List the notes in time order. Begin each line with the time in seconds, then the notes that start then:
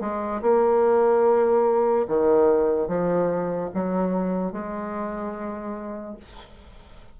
0.00 G#3
0.41 A#3
2.07 D#3
2.87 F3
3.74 F#3
4.52 G#3